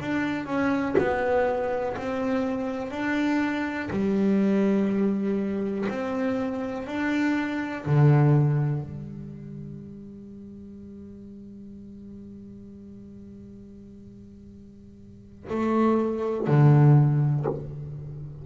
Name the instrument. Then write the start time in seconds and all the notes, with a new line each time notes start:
double bass
0.00 D4
0.46 C#4
0.98 B3
1.97 C4
2.91 D4
3.91 G3
5.89 C4
6.87 D4
7.86 D3
8.81 G3
15.50 A3
16.48 D3